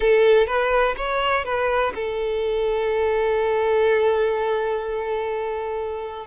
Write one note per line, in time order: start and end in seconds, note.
0.00 0.47 A4
0.47 0.95 B4
0.96 1.44 C#5
1.44 1.93 B4
1.94 6.26 A4